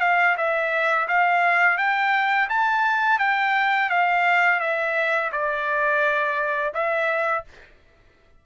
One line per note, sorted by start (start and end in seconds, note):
0.00 0.35 F5
0.37 1.07 E5
1.07 1.77 F5
1.77 2.48 G5
2.49 3.19 A5
3.19 3.89 G5
3.89 4.60 F5
4.60 5.30 E5
5.32 6.73 D5
6.73 7.44 E5